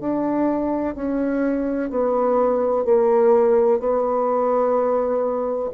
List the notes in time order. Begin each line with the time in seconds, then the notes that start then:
0.00 D4
0.95 C#4
1.90 B3
2.84 A#3
3.79 B3